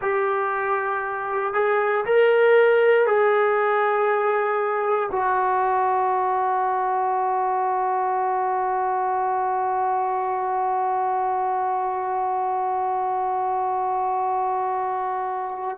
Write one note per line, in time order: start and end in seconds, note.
0.01 1.53 G4
1.53 2.04 G#4
2.05 3.06 A#4
3.06 5.09 G#4
5.11 15.77 F#4